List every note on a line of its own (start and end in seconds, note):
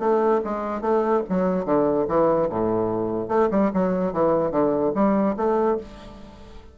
0.00 0.41 A3
0.45 0.82 G#3
0.82 1.23 A3
1.30 1.66 F#3
1.66 2.07 D3
2.09 2.50 E3
2.50 3.29 A2
3.29 3.50 A3
3.51 3.72 G3
3.74 4.13 F#3
4.13 4.52 E3
4.52 4.93 D3
4.95 5.36 G3
5.37 5.78 A3